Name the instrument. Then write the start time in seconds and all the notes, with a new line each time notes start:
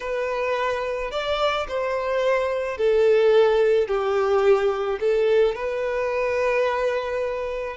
violin
0.00 B4
1.11 D5
1.68 C5
2.77 A4
3.87 G4
5.00 A4
5.55 B4